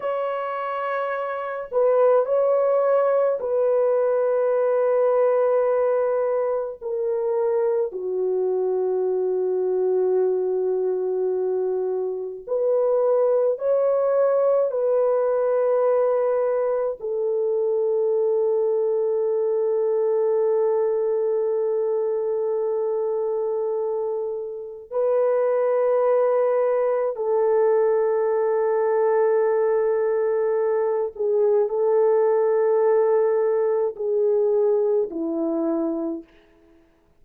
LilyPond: \new Staff \with { instrumentName = "horn" } { \time 4/4 \tempo 4 = 53 cis''4. b'8 cis''4 b'4~ | b'2 ais'4 fis'4~ | fis'2. b'4 | cis''4 b'2 a'4~ |
a'1~ | a'2 b'2 | a'2.~ a'8 gis'8 | a'2 gis'4 e'4 | }